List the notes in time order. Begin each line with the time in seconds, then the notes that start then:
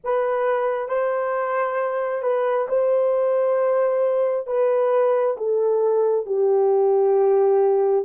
0.04 B4
0.88 C5
2.22 B4
2.68 C5
4.46 B4
5.37 A4
6.26 G4